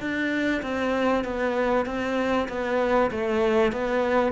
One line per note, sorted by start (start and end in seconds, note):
0.00 0.62 D4
0.62 1.24 C4
1.24 1.86 B3
1.86 2.48 C4
2.49 3.10 B3
3.11 3.72 A3
3.72 4.32 B3